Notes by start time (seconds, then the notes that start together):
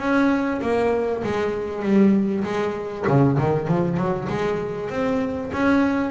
0.00 C#4
0.62 A#3
1.24 G#3
1.83 G3
2.44 G#3
3.08 C#3
3.39 D#3
3.68 F3
3.98 F#3
4.29 G#3
4.90 C4
5.53 C#4